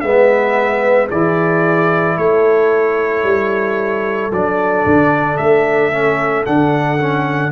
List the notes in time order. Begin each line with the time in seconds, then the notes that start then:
0.00 G#3 B3 B4 E5
1.09 E3 E4 G#4 D5
2.17 A3 A4 C#5
3.23 G3
4.32 F#3 D4 D5
4.86 D3
5.37 A3 E5
5.92 C#4
6.44 D3 D4 F#5
6.98 C#4